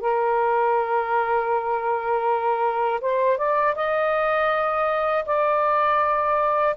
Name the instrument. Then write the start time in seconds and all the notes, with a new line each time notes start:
saxophone
0.00 A#4
3.00 C5
3.37 D5
3.75 D#5
5.25 D5